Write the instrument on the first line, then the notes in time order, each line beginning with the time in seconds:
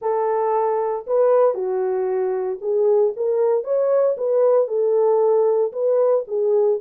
horn
0.01 A4
1.06 B4
1.54 F#4
2.61 G#4
3.16 A#4
3.64 C#5
4.17 B4
4.67 A4
5.72 B4
6.27 G#4